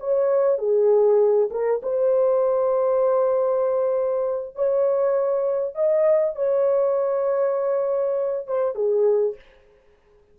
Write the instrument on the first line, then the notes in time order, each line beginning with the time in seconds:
horn
0.00 C#5
0.58 G#4
1.51 A#4
1.83 C5
4.56 C#5
5.75 D#5
6.36 C#5
8.47 C5
8.75 G#4